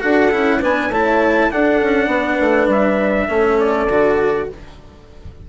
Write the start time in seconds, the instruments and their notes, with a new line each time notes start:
0.00 bassoon D4, cello F#4, horn A4, trumpet F#5
0.31 bassoon C#4, cello E4
0.59 bassoon B3, cello D4, horn B4, trumpet G#5
0.89 bassoon A3, cello E4, horn C#5, trumpet A5
1.50 cello D4, bassoon D4, horn A4, trumpet F#5
1.82 bassoon C#4
2.07 bassoon B3, horn B4
2.40 bassoon A3
2.67 bassoon G3, trumpet E5
3.28 bassoon A3, cello C#4, horn A4
3.60 trumpet D5
3.88 bassoon D3, cello F#4